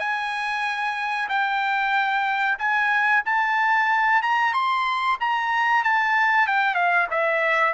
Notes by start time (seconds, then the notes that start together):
0.00 G#5
1.30 G5
2.59 G#5
3.26 A5
4.23 A#5
4.54 C6
5.21 A#5
5.84 A5
6.48 G5
6.75 F5
7.11 E5